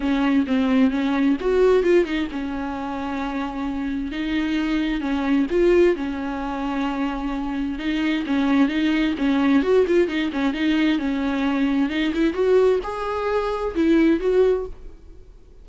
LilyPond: \new Staff \with { instrumentName = "viola" } { \time 4/4 \tempo 4 = 131 cis'4 c'4 cis'4 fis'4 | f'8 dis'8 cis'2.~ | cis'4 dis'2 cis'4 | f'4 cis'2.~ |
cis'4 dis'4 cis'4 dis'4 | cis'4 fis'8 f'8 dis'8 cis'8 dis'4 | cis'2 dis'8 e'8 fis'4 | gis'2 e'4 fis'4 | }